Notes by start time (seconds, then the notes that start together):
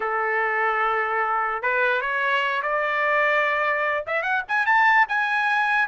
0.00 A4
1.62 B4
2.01 C#5
2.62 D5
4.07 E5
4.22 F#5
4.47 G#5
4.66 A5
5.08 G#5